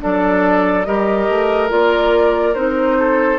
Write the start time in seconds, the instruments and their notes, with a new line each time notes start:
0.00 bassoon F#3, clarinet D4, oboe A4, flute D5
0.85 bassoon G3, clarinet G4, oboe A#4, flute D#5
1.29 bassoon A3
1.69 bassoon A#3, clarinet F4, flute D5
2.55 bassoon C4, clarinet D#4, flute C5
2.99 oboe A4